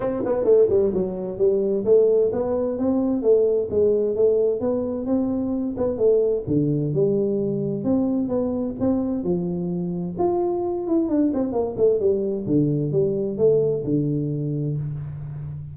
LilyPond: \new Staff \with { instrumentName = "tuba" } { \time 4/4 \tempo 4 = 130 c'8 b8 a8 g8 fis4 g4 | a4 b4 c'4 a4 | gis4 a4 b4 c'4~ | c'8 b8 a4 d4 g4~ |
g4 c'4 b4 c'4 | f2 f'4. e'8 | d'8 c'8 ais8 a8 g4 d4 | g4 a4 d2 | }